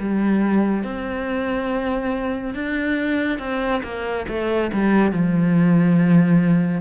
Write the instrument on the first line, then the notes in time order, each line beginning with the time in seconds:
cello
0.00 G3
0.84 C4
2.55 D4
3.39 C4
3.84 A#3
4.29 A3
4.73 G3
5.12 F3